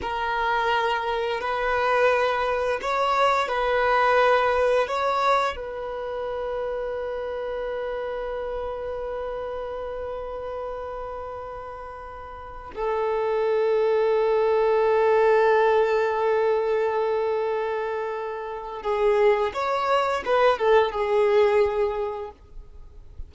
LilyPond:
\new Staff \with { instrumentName = "violin" } { \time 4/4 \tempo 4 = 86 ais'2 b'2 | cis''4 b'2 cis''4 | b'1~ | b'1~ |
b'2~ b'16 a'4.~ a'16~ | a'1~ | a'2. gis'4 | cis''4 b'8 a'8 gis'2 | }